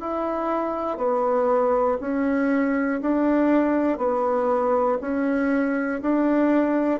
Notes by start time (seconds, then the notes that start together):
0.00 E4
0.97 B3
2.00 C#4
3.01 D4
3.98 B3
5.01 C#4
6.02 D4